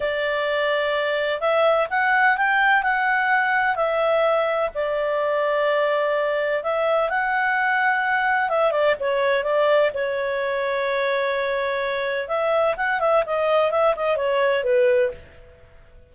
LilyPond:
\new Staff \with { instrumentName = "clarinet" } { \time 4/4 \tempo 4 = 127 d''2. e''4 | fis''4 g''4 fis''2 | e''2 d''2~ | d''2 e''4 fis''4~ |
fis''2 e''8 d''8 cis''4 | d''4 cis''2.~ | cis''2 e''4 fis''8 e''8 | dis''4 e''8 dis''8 cis''4 b'4 | }